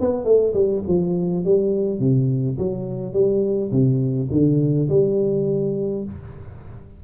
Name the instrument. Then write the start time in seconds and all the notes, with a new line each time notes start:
tuba
0.00 B3
0.24 A3
0.53 G3
0.87 F3
1.44 G3
1.99 C3
2.58 F#3
3.13 G3
3.71 C3
4.30 D3
4.89 G3